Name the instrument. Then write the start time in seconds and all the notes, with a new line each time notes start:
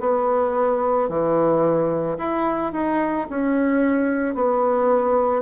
bassoon
0.00 B3
1.09 E3
2.18 E4
2.72 D#4
3.29 C#4
4.35 B3